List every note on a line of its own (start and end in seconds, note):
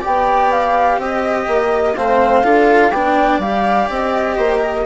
0.00 1.94 G4
0.00 0.97 D5
0.00 0.51 G5
0.06 0.98 B3
0.51 1.00 F5
0.98 1.46 C4
0.98 1.95 D#5
0.98 1.96 D#5
1.47 1.96 A#3
1.95 2.43 A3
1.95 2.43 C4
1.95 2.44 C5
1.95 2.91 F5
2.43 2.92 D4
2.43 2.92 F4
2.43 2.91 A4
2.91 3.39 B3
2.91 3.42 D4
2.91 4.36 D5
2.91 3.39 G5
3.39 3.87 G3
3.39 4.86 G4
3.39 3.89 F5
3.89 4.37 C4
3.89 4.86 D#5
4.36 4.86 A#3
4.36 4.59 C5
4.59 4.83 A#4